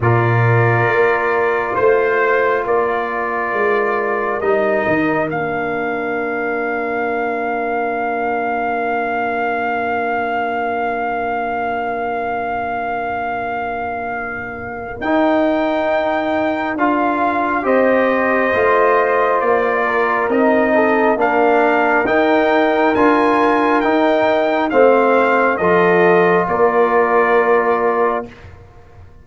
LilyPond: <<
  \new Staff \with { instrumentName = "trumpet" } { \time 4/4 \tempo 4 = 68 d''2 c''4 d''4~ | d''4 dis''4 f''2~ | f''1~ | f''1~ |
f''4 g''2 f''4 | dis''2 d''4 dis''4 | f''4 g''4 gis''4 g''4 | f''4 dis''4 d''2 | }
  \new Staff \with { instrumentName = "horn" } { \time 4/4 ais'2 c''4 ais'4~ | ais'1~ | ais'1~ | ais'1~ |
ais'1 | c''2~ c''8 ais'4 a'8 | ais'1 | c''4 a'4 ais'2 | }
  \new Staff \with { instrumentName = "trombone" } { \time 4/4 f'1~ | f'4 dis'4 d'2~ | d'1~ | d'1~ |
d'4 dis'2 f'4 | g'4 f'2 dis'4 | d'4 dis'4 f'4 dis'4 | c'4 f'2. | }
  \new Staff \with { instrumentName = "tuba" } { \time 4/4 ais,4 ais4 a4 ais4 | gis4 g8 dis8 ais2~ | ais1~ | ais1~ |
ais4 dis'2 d'4 | c'4 a4 ais4 c'4 | ais4 dis'4 d'4 dis'4 | a4 f4 ais2 | }
>>